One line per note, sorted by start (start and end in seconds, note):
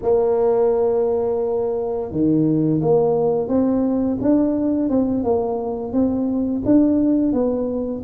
0.02 2.11 A#3
2.11 2.81 D#3
2.81 3.48 A#3
3.48 4.17 C4
4.21 4.89 D4
4.89 5.23 C4
5.23 5.92 A#3
5.92 6.62 C4
6.65 7.32 D4
7.32 8.02 B3